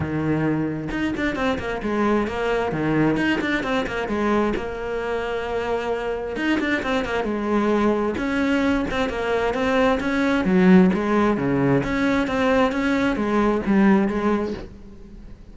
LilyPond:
\new Staff \with { instrumentName = "cello" } { \time 4/4 \tempo 4 = 132 dis2 dis'8 d'8 c'8 ais8 | gis4 ais4 dis4 dis'8 d'8 | c'8 ais8 gis4 ais2~ | ais2 dis'8 d'8 c'8 ais8 |
gis2 cis'4. c'8 | ais4 c'4 cis'4 fis4 | gis4 cis4 cis'4 c'4 | cis'4 gis4 g4 gis4 | }